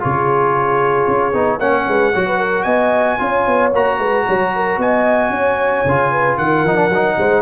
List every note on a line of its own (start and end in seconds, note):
0.00 1.07 C#3
0.00 1.33 F4
0.00 1.59 G#4
0.00 1.60 C#5
1.07 1.33 C#4
1.33 1.59 B3
1.33 1.60 D#4
1.59 1.86 A#3
1.59 2.14 C#4
1.59 1.86 C#5
1.59 2.63 F#5
1.88 2.14 G#3
1.88 2.12 B4
2.12 2.65 F#3
2.12 3.18 F#4
2.12 2.26 C#5
2.26 2.39 B4
2.39 2.65 A#4
2.63 3.18 B3
2.63 3.18 D#5
2.63 3.69 G#5
3.18 3.47 C#4
3.18 3.71 F4
3.18 3.99 C#5
3.47 3.73 B3
3.73 3.98 A#3
3.73 5.87 F#4
3.73 4.81 A#5
3.98 4.25 G#3
3.98 4.25 B4
4.27 4.78 F#3
4.27 4.53 C#5
4.55 4.80 A#4
4.78 5.30 B3
4.78 5.33 D#5
4.78 6.37 G#5
5.30 5.83 C#4
5.30 6.12 C#5
5.85 6.38 C#3
5.85 6.67 F4
6.12 6.37 B4
6.37 6.64 D#3
6.37 7.17 A#4
6.37 7.42 F#5
6.64 6.89 F3
6.64 6.76 D#4
6.76 6.89 D4
6.89 7.16 F#3
6.89 7.42 D#4
7.18 7.42 G#3
7.18 7.42 C5